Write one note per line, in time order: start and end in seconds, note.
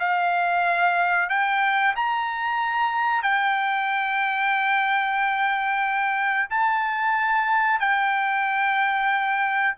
0.00 1.30 F5
1.30 1.95 G5
1.96 3.23 A#5
3.23 6.49 G5
6.50 7.80 A5
7.80 9.76 G5